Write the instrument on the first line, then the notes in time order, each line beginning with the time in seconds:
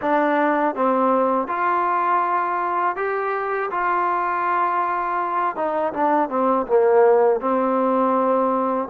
trombone
0.01 D4
0.75 C4
1.47 F4
2.96 G4
3.70 F4
5.56 D#4
5.93 D4
6.29 C4
6.66 A#3
7.40 C4